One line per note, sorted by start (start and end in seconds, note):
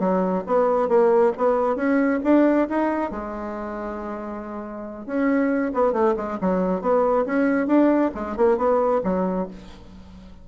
0.00 0.44 F#3
0.47 0.89 B3
0.89 1.33 A#3
1.38 1.76 B3
1.76 2.20 C#4
2.24 2.68 D4
2.70 3.12 D#4
3.12 5.07 G#3
5.07 5.72 C#4
5.74 5.93 B3
5.93 6.15 A3
6.17 6.39 G#3
6.41 6.82 F#3
6.82 7.26 B3
7.26 7.68 C#4
7.68 8.11 D4
8.15 8.37 G#3
8.37 8.58 A#3
8.58 9.02 B3
9.05 9.48 F#3